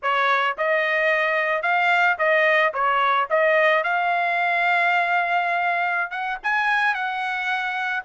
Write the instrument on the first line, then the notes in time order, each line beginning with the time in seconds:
trumpet
0.02 C#5
0.57 D#5
1.62 F5
2.18 D#5
2.73 C#5
3.30 D#5
3.83 F5
6.10 F#5
6.43 G#5
6.94 F#5